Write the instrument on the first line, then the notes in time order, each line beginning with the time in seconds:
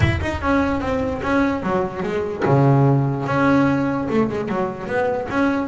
double bass
0.00 E4
0.21 D#4
0.41 C#4
0.80 C4
1.22 C#4
1.62 F#3
2.02 G#3
2.45 C#3
3.26 C#4
4.10 A3
4.29 G#3
4.48 F#3
4.86 B3
5.29 C#4